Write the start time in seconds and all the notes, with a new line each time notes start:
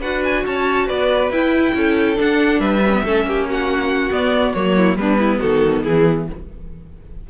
0.00 D4 F#4 B4 F#5
0.24 G#5
0.45 C#4 C#5 A5
0.86 B3 B4 D5
1.30 E4 G5
1.73 C#4 A4
2.15 D4 F#5
2.59 G3 B4 E5
2.85 C#4
2.93 B3
3.03 A3 C#4 A4
3.23 A#3 G4
3.49 F#4 F#5
4.11 B3 D5
4.53 F#3 A#3 C#5
4.75 E4
4.96 G3 B3 D4 B4
5.19 E4
5.39 D#3 F#4 A4
5.83 E3 E4 G#4